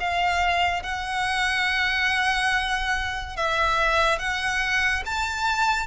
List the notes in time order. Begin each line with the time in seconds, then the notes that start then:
0.00 F5
0.82 F#5
3.36 E5
4.18 F#5
5.06 A5